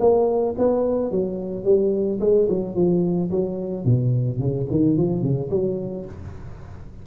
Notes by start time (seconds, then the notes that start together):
0.00 A#3
0.58 B3
1.11 F#3
1.64 G3
2.20 G#3
2.49 F#3
2.75 F3
3.31 F#3
3.85 B2
4.39 C#3
4.70 D#3
4.97 F3
5.22 C#3
5.50 F#3